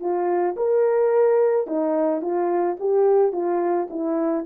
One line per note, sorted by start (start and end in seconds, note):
0.00 0.56 F4
0.56 1.67 A#4
1.67 2.21 D#4
2.21 2.77 F4
2.80 3.32 G4
3.32 3.88 F4
3.90 4.46 E4